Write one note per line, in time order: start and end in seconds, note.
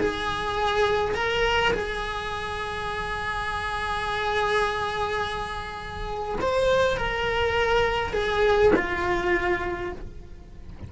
0.00 1.14 G#4
1.14 1.73 A#4
1.73 6.39 G#4
6.42 6.97 C5
6.97 8.13 A#4
8.13 8.72 G#4
8.76 9.92 F4